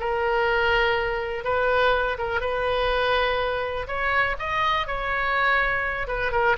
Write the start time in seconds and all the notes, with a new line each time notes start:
0.00 A#4
1.44 B4
2.18 A#4
2.41 B4
3.87 C#5
4.39 D#5
4.87 C#5
6.08 B4
6.32 A#4